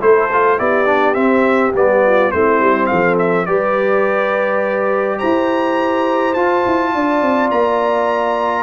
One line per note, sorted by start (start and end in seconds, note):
0.00 0.59 A3
0.00 0.29 E4
0.00 0.58 A4
0.00 0.59 C5
0.32 0.58 F4
0.58 1.16 B3
0.58 0.86 E4
0.58 2.03 G4
0.58 1.14 D5
0.86 1.14 D4
1.14 1.72 C4
1.14 1.73 C4
1.14 1.72 E5
1.74 2.32 G3
1.74 2.33 B3
1.74 2.31 D5
2.05 2.32 F4
2.31 2.60 A3
2.31 3.47 C4
2.31 2.90 E4
2.31 2.86 C5
2.60 2.89 G3
2.86 3.48 F3
2.86 3.47 A4
2.86 3.15 F5
3.18 3.46 E5
3.46 5.21 G3
3.46 6.35 G4
3.46 5.18 B4
3.46 5.19 D5
5.18 6.35 E4
5.18 6.91 C5
5.18 6.34 A#5
6.34 6.64 F4
6.34 8.63 F4
6.34 7.49 A5
6.66 6.95 E4
6.95 7.22 D4
6.95 8.63 D5
7.22 7.50 C4
7.50 8.63 A#3
7.50 8.63 A#5